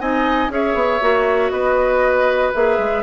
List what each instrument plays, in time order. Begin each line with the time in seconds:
0.00 bassoon C4, clarinet D#4, oboe D#5, flute G#5
0.50 bassoon C#4, clarinet G#4, oboe C#5, flute E5
0.75 bassoon B3
1.02 bassoon A#3, clarinet F#4
1.51 bassoon B3, oboe B4, flute D#5
2.55 bassoon A#3, clarinet G#4, flute E5
2.79 bassoon G#3